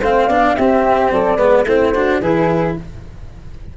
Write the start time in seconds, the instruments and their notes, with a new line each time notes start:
0.00 tuba A3, cello C4, flute C5 F5
0.27 tuba B3, cello D4, flute D5
0.55 tuba C4, cello C4, flute G4 E5
1.11 tuba F#3, flute A4 D5
1.36 tuba G#3, cello B3, flute B4
1.63 tuba A3, cello C4, flute E4 C5
1.93 cello D4, flute F#4
2.20 tuba E3, cello E4, flute G#4 B4